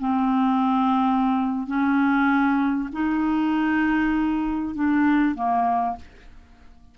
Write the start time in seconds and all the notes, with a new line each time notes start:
0.00 C4
1.67 C#4
2.93 D#4
4.75 D4
5.35 A#3